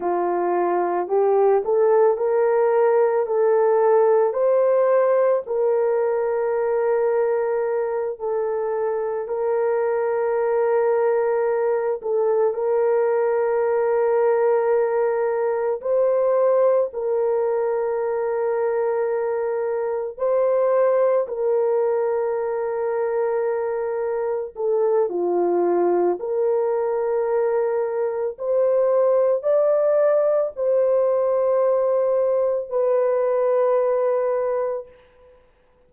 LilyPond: \new Staff \with { instrumentName = "horn" } { \time 4/4 \tempo 4 = 55 f'4 g'8 a'8 ais'4 a'4 | c''4 ais'2~ ais'8 a'8~ | a'8 ais'2~ ais'8 a'8 ais'8~ | ais'2~ ais'8 c''4 ais'8~ |
ais'2~ ais'8 c''4 ais'8~ | ais'2~ ais'8 a'8 f'4 | ais'2 c''4 d''4 | c''2 b'2 | }